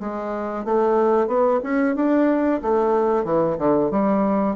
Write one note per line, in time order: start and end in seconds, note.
0.00 0.65 G#3
0.65 1.27 A3
1.27 1.60 B3
1.63 1.95 C#4
1.95 2.61 D4
2.62 3.24 A3
3.24 3.57 E3
3.58 3.90 D3
3.90 4.56 G3